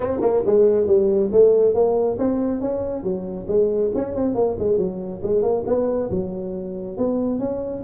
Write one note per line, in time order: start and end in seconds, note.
0.00 0.20 C4
0.21 0.42 A#3
0.45 0.86 G#3
0.86 1.30 G3
1.32 1.74 A3
1.74 2.17 A#3
2.18 2.60 C4
2.60 3.03 C#4
3.03 3.46 F#3
3.47 3.91 G#3
3.94 4.15 C#4
4.15 4.35 C4
4.35 4.56 A#3
4.58 4.77 G#3
4.77 5.21 F#3
5.22 5.42 G#3
5.42 5.64 A#3
5.66 6.09 B3
6.10 6.97 F#3
6.97 7.39 B3
7.39 7.82 C#4